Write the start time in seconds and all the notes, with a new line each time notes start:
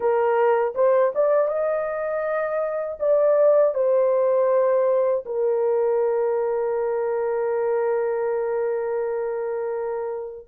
0.00 A#4
0.75 C5
1.15 D5
1.48 D#5
2.99 D5
3.74 C5
5.25 A#4